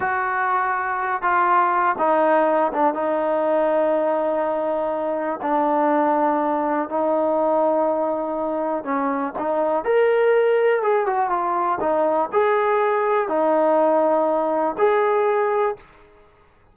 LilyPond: \new Staff \with { instrumentName = "trombone" } { \time 4/4 \tempo 4 = 122 fis'2~ fis'8 f'4. | dis'4. d'8 dis'2~ | dis'2. d'4~ | d'2 dis'2~ |
dis'2 cis'4 dis'4 | ais'2 gis'8 fis'8 f'4 | dis'4 gis'2 dis'4~ | dis'2 gis'2 | }